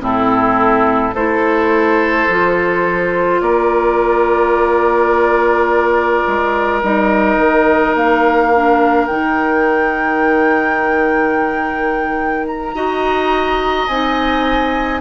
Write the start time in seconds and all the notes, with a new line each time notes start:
0.00 A2 C4 E4 A4
1.14 A3 E4 A4 C5
2.28 F3 F4
3.41 A#3 A#4 D5
6.27 G#3
6.82 G3 D#4 D#5
7.37 D#3
7.95 A#3 F5
8.54 D4
9.07 D#3 D#4 G5
12.47 A#5
12.74 D#4 F#4 D#5
13.87 C4 D#4 G#5